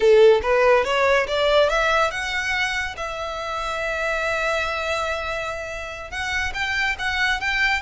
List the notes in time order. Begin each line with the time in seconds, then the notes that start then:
0.00 A4
0.42 B4
0.84 C#5
1.27 D5
1.69 E5
2.10 F#5
2.96 E5
6.10 F#5
6.54 G5
6.98 F#5
7.40 G5